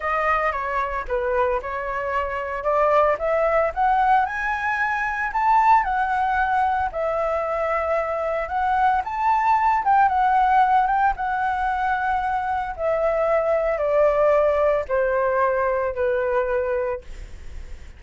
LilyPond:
\new Staff \with { instrumentName = "flute" } { \time 4/4 \tempo 4 = 113 dis''4 cis''4 b'4 cis''4~ | cis''4 d''4 e''4 fis''4 | gis''2 a''4 fis''4~ | fis''4 e''2. |
fis''4 a''4. g''8 fis''4~ | fis''8 g''8 fis''2. | e''2 d''2 | c''2 b'2 | }